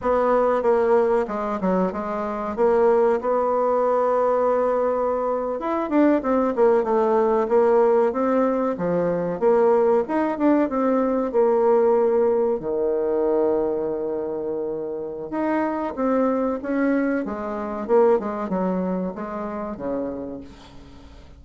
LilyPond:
\new Staff \with { instrumentName = "bassoon" } { \time 4/4 \tempo 4 = 94 b4 ais4 gis8 fis8 gis4 | ais4 b2.~ | b8. e'8 d'8 c'8 ais8 a4 ais16~ | ais8. c'4 f4 ais4 dis'16~ |
dis'16 d'8 c'4 ais2 dis16~ | dis1 | dis'4 c'4 cis'4 gis4 | ais8 gis8 fis4 gis4 cis4 | }